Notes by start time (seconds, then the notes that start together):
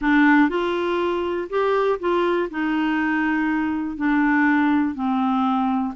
0.01 D4
0.49 F4
1.49 G4
1.99 F4
2.50 D#4
3.96 D4
4.95 C4